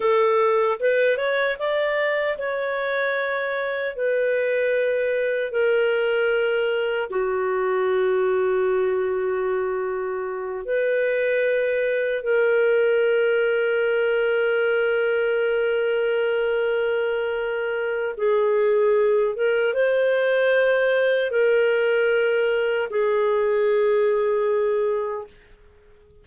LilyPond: \new Staff \with { instrumentName = "clarinet" } { \time 4/4 \tempo 4 = 76 a'4 b'8 cis''8 d''4 cis''4~ | cis''4 b'2 ais'4~ | ais'4 fis'2.~ | fis'4. b'2 ais'8~ |
ais'1~ | ais'2. gis'4~ | gis'8 ais'8 c''2 ais'4~ | ais'4 gis'2. | }